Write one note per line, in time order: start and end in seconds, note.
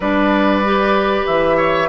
0.00 1.23 G3
0.00 0.64 D4
0.00 1.57 B4
0.00 1.26 D5
0.64 1.89 G4
1.26 1.89 E3
1.26 1.89 E5
1.57 1.88 C#5